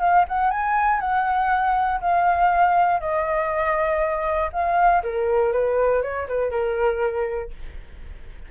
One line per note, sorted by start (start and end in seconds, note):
0.00 0.25 F5
0.28 0.51 F#5
0.51 1.00 G#5
1.00 2.00 F#5
2.01 3.00 F5
3.00 4.50 D#5
4.53 5.03 F5
5.03 5.53 A#4
5.53 6.02 B4
6.02 6.27 C#5
6.28 6.51 B4
6.51 7.51 A#4